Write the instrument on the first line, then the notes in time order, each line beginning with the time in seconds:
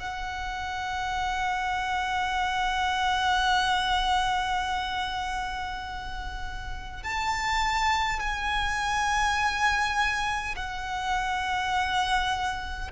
violin
0.00 F#5
7.04 A5
8.20 G#5
10.56 F#5